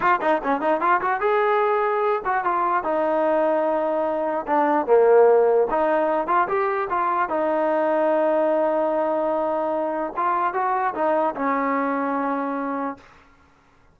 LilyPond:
\new Staff \with { instrumentName = "trombone" } { \time 4/4 \tempo 4 = 148 f'8 dis'8 cis'8 dis'8 f'8 fis'8 gis'4~ | gis'4. fis'8 f'4 dis'4~ | dis'2. d'4 | ais2 dis'4. f'8 |
g'4 f'4 dis'2~ | dis'1~ | dis'4 f'4 fis'4 dis'4 | cis'1 | }